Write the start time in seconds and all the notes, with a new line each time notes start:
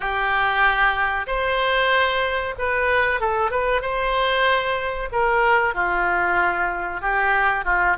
0.00 G4
1.26 C5
2.58 B4
3.20 A4
3.50 B4
3.81 C5
5.12 A#4
5.74 F4
7.01 G4
7.65 F4